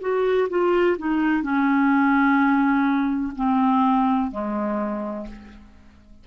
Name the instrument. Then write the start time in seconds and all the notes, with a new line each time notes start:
clarinet
0.00 F#4
0.49 F4
0.98 D#4
1.42 C#4
3.35 C4
4.31 G#3